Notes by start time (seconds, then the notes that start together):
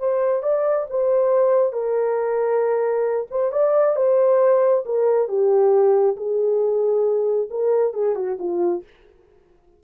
0.00 C5
0.43 D5
0.90 C5
1.73 A#4
3.31 C5
3.52 D5
3.96 C5
4.86 A#4
5.29 G4
6.17 G#4
7.51 A#4
7.94 G#4
8.16 F#4
8.40 F4